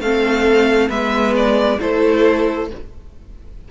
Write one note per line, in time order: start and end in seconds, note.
0.00 0.88 A3
0.00 0.89 C4
0.00 0.89 A4
0.00 0.89 F5
0.89 1.78 G#3
0.89 1.77 B3
0.89 1.77 B4
0.89 1.33 E5
1.36 1.80 D5
1.80 2.70 A3
1.80 2.68 E4
1.80 2.68 A4
1.80 2.69 C5